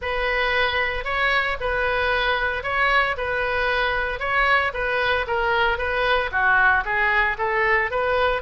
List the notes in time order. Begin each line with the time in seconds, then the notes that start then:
0.01 B4
1.04 C#5
1.60 B4
2.63 C#5
3.17 B4
4.19 C#5
4.73 B4
5.27 A#4
5.78 B4
6.31 F#4
6.84 G#4
7.38 A4
7.91 B4